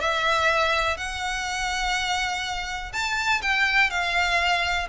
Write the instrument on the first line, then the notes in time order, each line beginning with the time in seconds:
violin
0.00 E5
0.97 F#5
2.92 A5
3.41 G5
3.90 F5